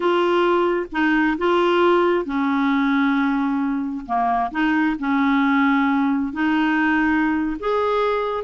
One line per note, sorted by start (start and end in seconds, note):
0.00 0.86 F4
0.92 1.37 D#4
1.37 2.25 F4
2.25 4.05 C#4
4.05 4.51 A#3
4.51 4.96 D#4
4.99 6.32 C#4
6.32 7.56 D#4
7.59 8.44 G#4